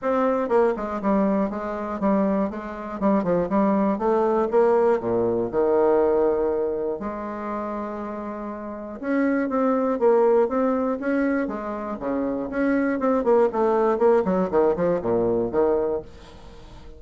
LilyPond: \new Staff \with { instrumentName = "bassoon" } { \time 4/4 \tempo 4 = 120 c'4 ais8 gis8 g4 gis4 | g4 gis4 g8 f8 g4 | a4 ais4 ais,4 dis4~ | dis2 gis2~ |
gis2 cis'4 c'4 | ais4 c'4 cis'4 gis4 | cis4 cis'4 c'8 ais8 a4 | ais8 fis8 dis8 f8 ais,4 dis4 | }